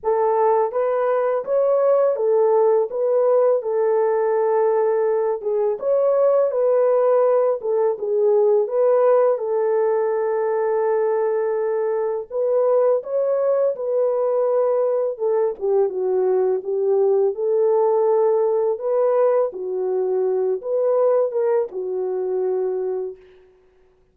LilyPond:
\new Staff \with { instrumentName = "horn" } { \time 4/4 \tempo 4 = 83 a'4 b'4 cis''4 a'4 | b'4 a'2~ a'8 gis'8 | cis''4 b'4. a'8 gis'4 | b'4 a'2.~ |
a'4 b'4 cis''4 b'4~ | b'4 a'8 g'8 fis'4 g'4 | a'2 b'4 fis'4~ | fis'8 b'4 ais'8 fis'2 | }